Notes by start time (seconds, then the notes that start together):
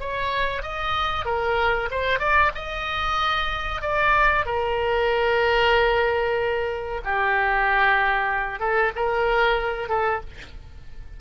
0.00 C#5
0.62 D#5
1.25 A#4
1.91 C5
2.19 D5
2.55 D#5
3.82 D5
4.46 A#4
7.04 G4
8.60 A4
8.96 A#4
9.89 A4